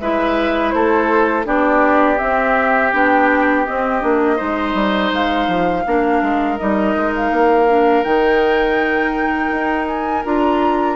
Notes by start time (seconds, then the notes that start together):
0.00 G#3 E4 B4 E5
0.71 A3 A4 C5
1.45 B3 D4 G4 D5
2.18 C4 E5
2.93 B3 D4 G5
3.66 C4 D#5
4.01 A#3 D4
4.37 G#3 D#4 C5
4.74 G3
5.13 G#3 F5
5.48 F3
5.86 A#3 D4 A#4
6.23 G#3
6.59 G3 D#4 D#5
6.96 G#3
7.16 F5
7.31 A#3
7.68 D4
8.04 D#3 D#4 G5
9.51 D#4
9.87 G#5
10.25 D4 F4 A#5